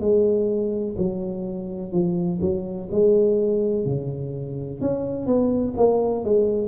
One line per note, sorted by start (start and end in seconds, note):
0.00 0.95 G#3
0.97 1.92 F#3
1.92 2.39 F3
2.41 2.89 F#3
2.91 3.85 G#3
3.85 4.80 C#3
4.80 5.26 C#4
5.26 5.74 B3
5.76 6.24 A#3
6.24 6.68 G#3